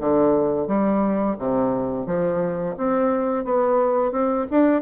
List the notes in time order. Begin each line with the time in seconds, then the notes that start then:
0.00 D3
0.67 G3
1.39 C3
2.06 F3
2.77 C4
3.45 B3
4.12 C4
4.50 D4